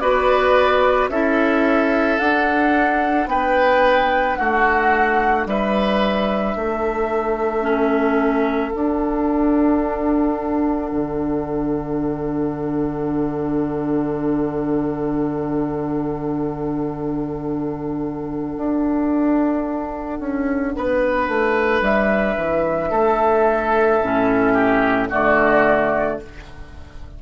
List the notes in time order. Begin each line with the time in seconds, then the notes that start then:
0.00 B3 F#4 B4 D5
1.09 C#4 E4 A4 E5
2.19 D4 F#5
3.27 B3 B4 G5
4.36 A3 F#4 F#5
5.47 G3 B4 E5
6.56 A3 A4
7.62 C#4
8.72 D4 F#5
10.92 D3
18.57 D4
20.20 C#4
20.76 B3 B4
21.29 A3
21.82 G3 E5
22.37 E3
22.91 A3 A4
24.01 A2 C#4
24.54 G4
25.10 D3 A3 F#4 D5